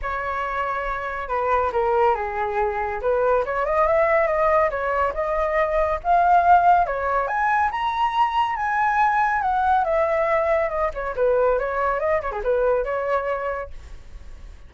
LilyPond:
\new Staff \with { instrumentName = "flute" } { \time 4/4 \tempo 4 = 140 cis''2. b'4 | ais'4 gis'2 b'4 | cis''8 dis''8 e''4 dis''4 cis''4 | dis''2 f''2 |
cis''4 gis''4 ais''2 | gis''2 fis''4 e''4~ | e''4 dis''8 cis''8 b'4 cis''4 | dis''8 cis''16 gis'16 b'4 cis''2 | }